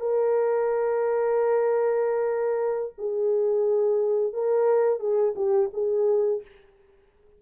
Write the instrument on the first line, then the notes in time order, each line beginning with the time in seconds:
horn
0.00 A#4
2.98 G#4
4.33 A#4
4.99 G#4
5.35 G4
5.73 G#4